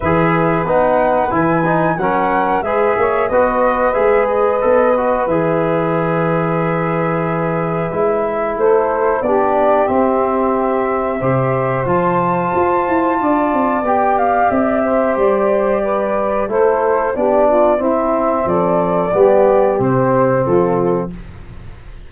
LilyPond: <<
  \new Staff \with { instrumentName = "flute" } { \time 4/4 \tempo 4 = 91 e''4 fis''4 gis''4 fis''4 | e''4 dis''4 e''8 dis''4. | e''1~ | e''4 c''4 d''4 e''4~ |
e''2 a''2~ | a''4 g''8 f''8 e''4 d''4~ | d''4 c''4 d''4 e''4 | d''2 c''4 a'4 | }
  \new Staff \with { instrumentName = "saxophone" } { \time 4/4 b'2. ais'4 | b'8 cis''8 b'2.~ | b'1~ | b'4 a'4 g'2~ |
g'4 c''2. | d''2~ d''8 c''4. | b'4 a'4 g'8 f'8 e'4 | a'4 g'2 f'4 | }
  \new Staff \with { instrumentName = "trombone" } { \time 4/4 gis'4 dis'4 e'8 dis'8 cis'4 | gis'4 fis'4 gis'4 a'8 fis'8 | gis'1 | e'2 d'4 c'4~ |
c'4 g'4 f'2~ | f'4 g'2.~ | g'4 e'4 d'4 c'4~ | c'4 b4 c'2 | }
  \new Staff \with { instrumentName = "tuba" } { \time 4/4 e4 b4 e4 fis4 | gis8 ais8 b4 gis4 b4 | e1 | gis4 a4 b4 c'4~ |
c'4 c4 f4 f'8 e'8 | d'8 c'8 b4 c'4 g4~ | g4 a4 b4 c'4 | f4 g4 c4 f4 | }
>>